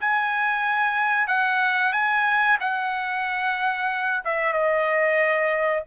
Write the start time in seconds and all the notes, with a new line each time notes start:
0.00 G#5
1.27 F#5
1.92 G#5
2.60 F#5
4.24 E5
4.53 D#5